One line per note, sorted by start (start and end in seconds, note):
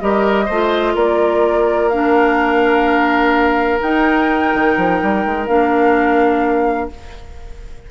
0.00 0.49 G3
0.00 0.48 G4
0.00 0.46 A#4
0.00 0.95 D#5
0.46 0.95 A3
0.46 0.93 C5
0.52 1.92 F4
0.95 3.81 A#3
0.95 6.90 A#4
0.95 1.89 D5
1.89 3.80 D4
1.89 3.80 F5
3.80 5.46 D#4
3.80 4.54 D#4
3.80 5.46 G5
4.54 4.77 D#3
4.77 5.01 F3
5.02 5.26 G3
5.26 5.48 G#3
5.46 6.91 A#3
5.46 6.91 D4
5.46 6.89 F5